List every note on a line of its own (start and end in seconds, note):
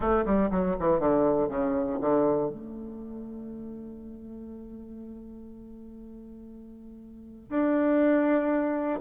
0.00 0.24 A3
0.25 0.50 G3
0.50 0.75 F#3
0.79 0.99 E3
0.99 1.48 D3
1.48 1.98 C#3
2.00 2.49 D3
2.49 7.49 A3
7.49 8.99 D4